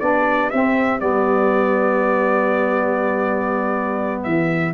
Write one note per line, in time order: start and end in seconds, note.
0.00 0.52 B3
0.00 0.51 D4
0.00 4.74 G4
0.00 0.50 D5
0.50 0.99 C4
0.50 1.01 C4
0.50 1.00 E5
0.99 4.26 G3
0.99 4.74 B3
0.99 4.23 D5
4.23 4.74 E3
4.23 4.73 E5